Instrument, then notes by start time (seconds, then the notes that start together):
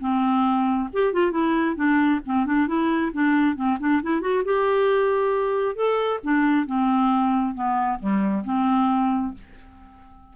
clarinet
0.00 C4
0.93 G4
1.13 F4
1.31 E4
1.76 D4
2.25 C4
2.46 D4
2.67 E4
3.13 D4
3.55 C4
3.79 D4
4.02 E4
4.21 F#4
4.44 G4
5.75 A4
6.23 D4
6.66 C4
7.54 B3
7.99 G3
8.44 C4